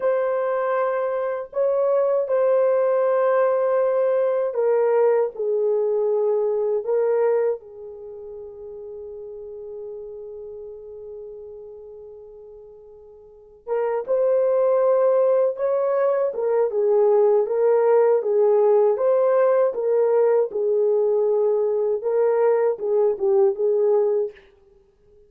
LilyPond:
\new Staff \with { instrumentName = "horn" } { \time 4/4 \tempo 4 = 79 c''2 cis''4 c''4~ | c''2 ais'4 gis'4~ | gis'4 ais'4 gis'2~ | gis'1~ |
gis'2 ais'8 c''4.~ | c''8 cis''4 ais'8 gis'4 ais'4 | gis'4 c''4 ais'4 gis'4~ | gis'4 ais'4 gis'8 g'8 gis'4 | }